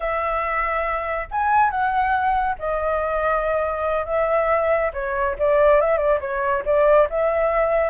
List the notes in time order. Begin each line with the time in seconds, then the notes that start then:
0.00 E5
1.31 G#5
1.70 F#5
2.58 D#5
4.05 E5
4.93 C#5
5.38 D5
5.81 E5
5.97 D5
6.20 C#5
6.65 D5
7.09 E5